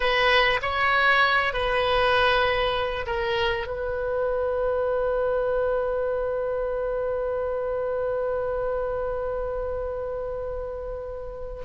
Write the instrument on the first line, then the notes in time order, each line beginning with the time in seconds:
oboe
0.00 B4
0.62 C#5
1.53 B4
3.06 A#4
3.66 B4